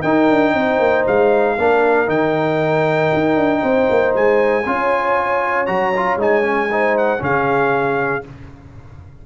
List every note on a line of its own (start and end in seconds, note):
0.00 0.29 D#4
0.00 1.58 D#4
0.00 0.51 A#4
0.00 1.04 G5
0.29 0.53 D4
0.53 0.79 C4
0.53 1.56 C5
0.79 1.04 A#3
1.07 1.58 G#3
1.07 2.09 F5
1.56 2.08 A#3
1.56 2.06 D4
1.56 3.61 A#4
2.06 3.10 D#3
2.06 4.63 D#4
2.06 4.14 G5
3.13 3.36 D#4
3.36 3.61 D4
3.61 3.88 C4
3.61 4.64 C5
3.89 4.15 A#3
4.15 4.66 G#3
4.15 5.66 G#5
4.64 5.68 C#4
4.64 5.66 F4
4.64 6.70 C#5
5.66 6.16 F#3
5.66 5.92 F#4
5.66 6.17 A#5
5.96 6.19 F4
6.16 7.18 G#3
6.16 6.42 D#4
6.16 6.97 G#5
6.42 6.68 C#4
6.71 7.18 D#4
6.71 7.22 C5
6.97 7.23 F#5
7.18 8.24 C#3
7.18 8.21 C#4
7.18 8.24 G#4
7.18 8.25 F5